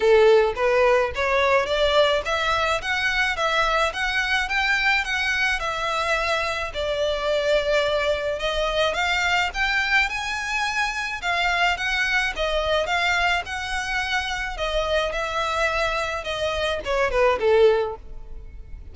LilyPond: \new Staff \with { instrumentName = "violin" } { \time 4/4 \tempo 4 = 107 a'4 b'4 cis''4 d''4 | e''4 fis''4 e''4 fis''4 | g''4 fis''4 e''2 | d''2. dis''4 |
f''4 g''4 gis''2 | f''4 fis''4 dis''4 f''4 | fis''2 dis''4 e''4~ | e''4 dis''4 cis''8 b'8 a'4 | }